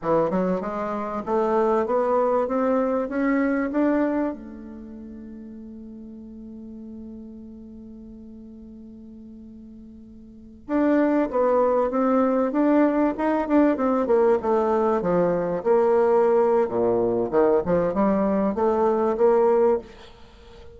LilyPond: \new Staff \with { instrumentName = "bassoon" } { \time 4/4 \tempo 4 = 97 e8 fis8 gis4 a4 b4 | c'4 cis'4 d'4 a4~ | a1~ | a1~ |
a4~ a16 d'4 b4 c'8.~ | c'16 d'4 dis'8 d'8 c'8 ais8 a8.~ | a16 f4 ais4.~ ais16 ais,4 | dis8 f8 g4 a4 ais4 | }